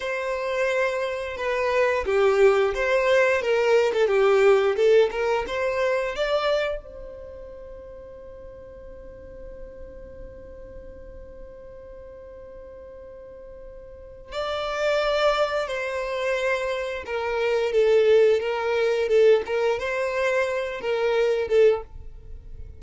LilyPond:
\new Staff \with { instrumentName = "violin" } { \time 4/4 \tempo 4 = 88 c''2 b'4 g'4 | c''4 ais'8. a'16 g'4 a'8 ais'8 | c''4 d''4 c''2~ | c''1~ |
c''1~ | c''4 d''2 c''4~ | c''4 ais'4 a'4 ais'4 | a'8 ais'8 c''4. ais'4 a'8 | }